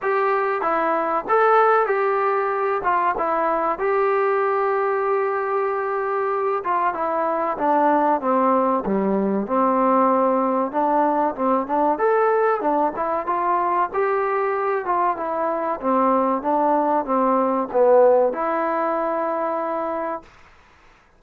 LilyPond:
\new Staff \with { instrumentName = "trombone" } { \time 4/4 \tempo 4 = 95 g'4 e'4 a'4 g'4~ | g'8 f'8 e'4 g'2~ | g'2~ g'8 f'8 e'4 | d'4 c'4 g4 c'4~ |
c'4 d'4 c'8 d'8 a'4 | d'8 e'8 f'4 g'4. f'8 | e'4 c'4 d'4 c'4 | b4 e'2. | }